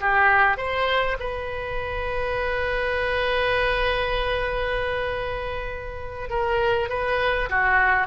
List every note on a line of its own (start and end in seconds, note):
0.00 0.57 G4
0.57 1.17 C5
1.19 6.29 B4
6.29 6.89 A#4
6.89 7.49 B4
7.49 8.07 F#4